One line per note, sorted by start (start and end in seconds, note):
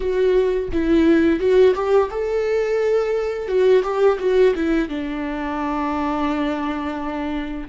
0.00 0.69 F#4
0.72 1.39 E4
1.39 1.74 F#4
1.74 2.09 G4
2.10 3.48 A4
3.48 3.82 F#4
3.83 4.18 G4
4.19 4.53 F#4
4.55 4.88 E4
4.88 7.67 D4